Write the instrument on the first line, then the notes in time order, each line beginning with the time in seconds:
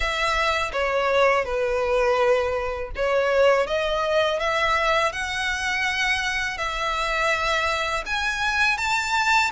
violin
0.00 E5
0.72 C#5
1.44 B4
2.95 C#5
3.66 D#5
4.39 E5
5.12 F#5
6.57 E5
8.06 G#5
8.77 A5